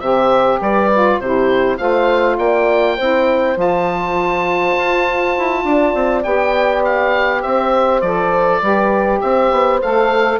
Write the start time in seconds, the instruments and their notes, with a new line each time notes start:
0.00 bassoon C3, saxophone G4, horn C5, oboe E5
0.61 bassoon G3, horn B4, oboe D5
0.93 saxophone F4
1.20 bassoon C3, saxophone E4, horn G4, oboe C5
1.78 bassoon A3, saxophone F4, horn C5, oboe F5
2.38 bassoon A#3, horn D5, oboe G5
2.97 bassoon C4, saxophone E4, horn C5
3.56 bassoon F3, saxophone F4, oboe A5
4.78 bassoon F4
5.38 bassoon E4
5.64 bassoon D4, horn D5
5.95 bassoon C4
6.24 bassoon B3, saxophone G4, oboe G5
6.85 oboe F5
7.42 bassoon C4, horn C5, oboe E5
8.01 bassoon F3, saxophone A4, oboe D5
8.62 bassoon G3, saxophone G4, horn B4
9.21 bassoon C4, horn C5, oboe E5
9.52 bassoon B3
9.82 bassoon A3, saxophone A4, oboe F5